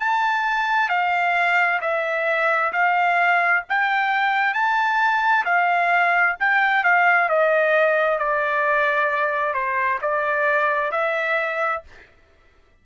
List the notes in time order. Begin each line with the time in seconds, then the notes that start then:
0.00 A5
0.89 F5
1.81 E5
2.73 F5
3.69 G5
4.54 A5
5.45 F5
6.40 G5
6.84 F5
7.29 D#5
8.19 D5
9.54 C5
10.01 D5
10.92 E5